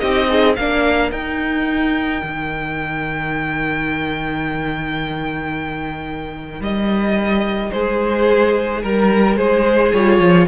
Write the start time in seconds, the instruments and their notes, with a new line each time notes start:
0.00 cello C4, viola D#4, violin G4 D#5
0.29 violin D#4, viola G#4
0.56 cello A#3, viola D4, violin A#4 F5
1.12 cello D#4, viola D#4, violin G5
2.23 cello D#3
6.61 cello G3, violin D#5
7.72 cello G#3, violin G#4 C5
8.83 cello G3, violin A#4
9.37 cello G#3, violin G#4 C5
9.93 cello G3, viola F4, violin C#5
10.19 cello F3